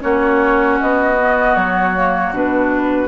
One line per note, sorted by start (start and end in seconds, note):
0.00 0.81 A#3
0.00 1.15 C#4
0.00 3.08 F#4
0.00 0.79 C#5
0.81 1.56 B3
0.81 1.57 D#5
1.19 1.96 B3
1.56 2.33 F#3
1.56 2.33 C#5
1.96 2.34 A#3
2.33 3.08 B2
2.33 3.08 D4
2.33 3.08 B4